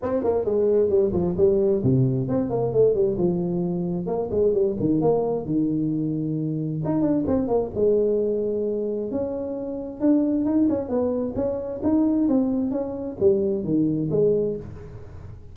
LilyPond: \new Staff \with { instrumentName = "tuba" } { \time 4/4 \tempo 4 = 132 c'8 ais8 gis4 g8 f8 g4 | c4 c'8 ais8 a8 g8 f4~ | f4 ais8 gis8 g8 dis8 ais4 | dis2. dis'8 d'8 |
c'8 ais8 gis2. | cis'2 d'4 dis'8 cis'8 | b4 cis'4 dis'4 c'4 | cis'4 g4 dis4 gis4 | }